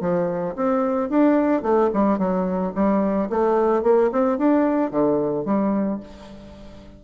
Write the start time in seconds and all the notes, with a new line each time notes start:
0.00 F3
0.55 C4
1.09 D4
1.62 A3
1.93 G3
2.18 F#3
2.74 G3
3.29 A3
3.83 A#3
4.12 C4
4.38 D4
4.90 D3
5.45 G3